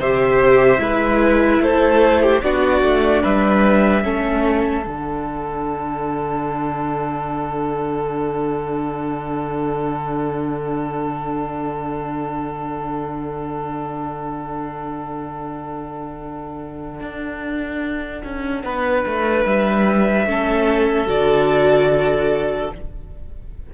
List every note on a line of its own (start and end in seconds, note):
0.00 0.79 C3
0.00 0.78 G4
0.00 0.81 C5
0.00 1.63 E5
0.78 1.60 G#3
0.78 2.40 E4
0.78 1.63 B4
1.61 2.42 A3
1.61 2.23 A4
1.61 2.42 C5
2.23 2.43 G4
2.42 2.82 B3
2.42 4.03 D4
2.42 3.23 F#4
2.42 3.23 D5
2.82 3.23 A3
3.23 4.05 G3
3.23 4.04 B4
3.23 4.86 E5
4.03 4.86 A3
4.03 4.84 C#4
4.03 18.64 A4
4.86 17.01 D3
4.86 20.26 D4
4.86 19.46 F#5
17.01 18.22 D4
18.24 18.64 C#4
18.64 19.04 B3
18.64 20.26 B4
19.06 19.45 A3
19.45 20.26 G3
19.45 21.08 E5
20.26 21.07 A3
20.26 21.07 C#4
20.26 22.74 A4
21.07 22.70 D3
21.07 22.69 F#4
21.07 22.71 D5